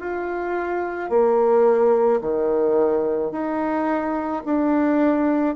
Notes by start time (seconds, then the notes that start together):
0.00 F4
1.10 A#3
2.21 D#3
3.32 D#4
4.45 D4